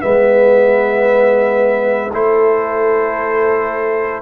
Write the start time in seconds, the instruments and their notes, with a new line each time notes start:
0.00 tuba G#3, trombone B3, horn B4, trumpet E5
2.12 tuba A3, trombone E4, horn A4, trumpet C5